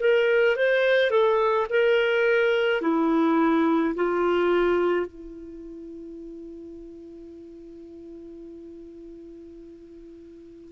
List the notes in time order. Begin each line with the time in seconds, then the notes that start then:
0.00 A#4
0.57 C5
1.11 A4
1.70 A#4
2.82 E4
3.95 F4
5.07 E4